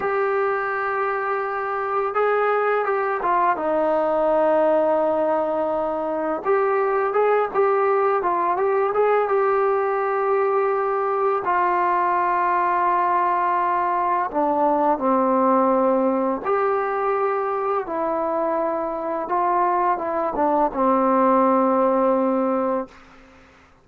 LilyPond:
\new Staff \with { instrumentName = "trombone" } { \time 4/4 \tempo 4 = 84 g'2. gis'4 | g'8 f'8 dis'2.~ | dis'4 g'4 gis'8 g'4 f'8 | g'8 gis'8 g'2. |
f'1 | d'4 c'2 g'4~ | g'4 e'2 f'4 | e'8 d'8 c'2. | }